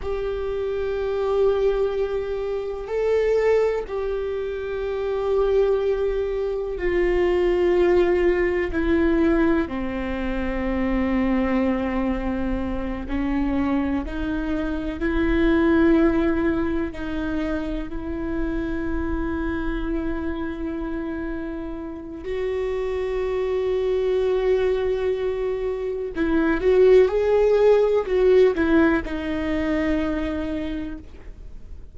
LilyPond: \new Staff \with { instrumentName = "viola" } { \time 4/4 \tempo 4 = 62 g'2. a'4 | g'2. f'4~ | f'4 e'4 c'2~ | c'4. cis'4 dis'4 e'8~ |
e'4. dis'4 e'4.~ | e'2. fis'4~ | fis'2. e'8 fis'8 | gis'4 fis'8 e'8 dis'2 | }